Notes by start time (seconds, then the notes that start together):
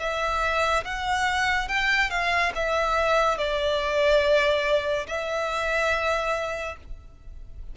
0.00 E5
0.85 F#5
1.69 G5
2.10 F5
2.55 E5
3.38 D5
5.07 E5